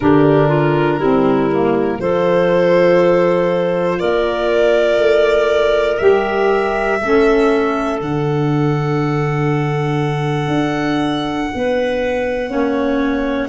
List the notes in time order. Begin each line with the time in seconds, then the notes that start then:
0.00 D3 D4 G4 A#4
0.48 F4
0.98 G3 C4 E4
1.51 A#3
1.99 F3 F4 A4 C5
3.98 A#3 A#4 D5
4.97 A3
5.97 G3 G4 E5
7.00 A3 C#4 A4
7.97 D3 D4 F#5
10.47 D4
11.53 B3 B4
12.47 A#3 C#4 C#5